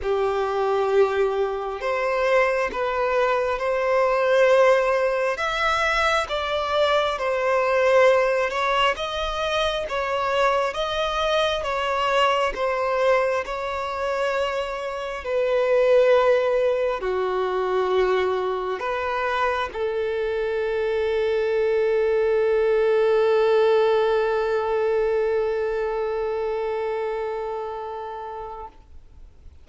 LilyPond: \new Staff \with { instrumentName = "violin" } { \time 4/4 \tempo 4 = 67 g'2 c''4 b'4 | c''2 e''4 d''4 | c''4. cis''8 dis''4 cis''4 | dis''4 cis''4 c''4 cis''4~ |
cis''4 b'2 fis'4~ | fis'4 b'4 a'2~ | a'1~ | a'1 | }